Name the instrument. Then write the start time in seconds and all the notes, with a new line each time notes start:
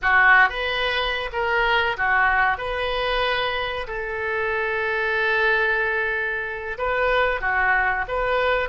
oboe
0.02 F#4
0.49 B4
1.32 A#4
1.97 F#4
2.57 B4
3.87 A4
6.77 B4
7.40 F#4
8.08 B4